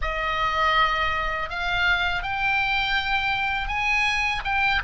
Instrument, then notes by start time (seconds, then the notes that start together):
oboe
0.01 D#5
1.49 F5
2.23 G5
3.67 G#5
4.44 G5